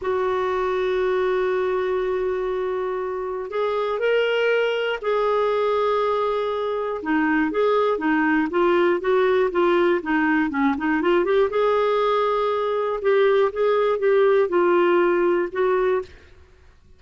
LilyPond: \new Staff \with { instrumentName = "clarinet" } { \time 4/4 \tempo 4 = 120 fis'1~ | fis'2. gis'4 | ais'2 gis'2~ | gis'2 dis'4 gis'4 |
dis'4 f'4 fis'4 f'4 | dis'4 cis'8 dis'8 f'8 g'8 gis'4~ | gis'2 g'4 gis'4 | g'4 f'2 fis'4 | }